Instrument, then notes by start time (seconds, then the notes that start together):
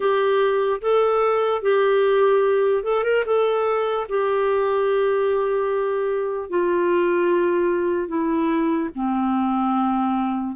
clarinet
0.00 G4
0.81 A4
1.61 G4
2.83 A4
3.03 A#4
3.25 A4
4.08 G4
6.49 F4
8.07 E4
8.95 C4